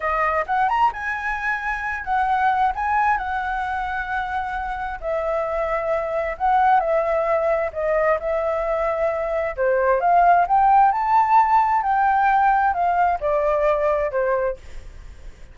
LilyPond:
\new Staff \with { instrumentName = "flute" } { \time 4/4 \tempo 4 = 132 dis''4 fis''8 ais''8 gis''2~ | gis''8 fis''4. gis''4 fis''4~ | fis''2. e''4~ | e''2 fis''4 e''4~ |
e''4 dis''4 e''2~ | e''4 c''4 f''4 g''4 | a''2 g''2 | f''4 d''2 c''4 | }